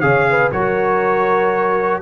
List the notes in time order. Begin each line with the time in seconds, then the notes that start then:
0.00 C#3 G#4 C#5 F5
0.29 B4
0.51 F#3 F#4 A#4 C#5